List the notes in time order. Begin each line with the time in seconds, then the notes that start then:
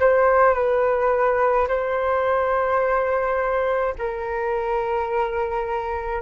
0.00 C5
0.54 B4
1.68 C5
3.98 A#4